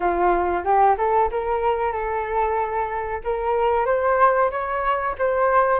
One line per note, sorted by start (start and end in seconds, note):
0.00 0.63 F4
0.64 0.96 G4
0.97 1.30 A4
1.31 1.92 A#4
1.92 3.21 A4
3.24 3.85 A#4
3.85 4.50 C5
4.50 5.15 C#5
5.18 5.79 C5